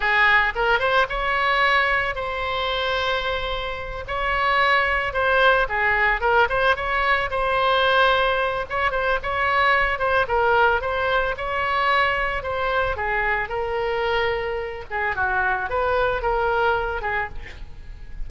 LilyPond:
\new Staff \with { instrumentName = "oboe" } { \time 4/4 \tempo 4 = 111 gis'4 ais'8 c''8 cis''2 | c''2.~ c''8 cis''8~ | cis''4. c''4 gis'4 ais'8 | c''8 cis''4 c''2~ c''8 |
cis''8 c''8 cis''4. c''8 ais'4 | c''4 cis''2 c''4 | gis'4 ais'2~ ais'8 gis'8 | fis'4 b'4 ais'4. gis'8 | }